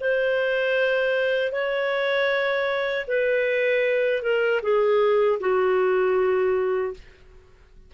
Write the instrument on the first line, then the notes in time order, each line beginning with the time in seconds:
clarinet
0.00 C5
1.52 C#5
3.07 B4
4.22 A#4
4.62 G#4
5.40 F#4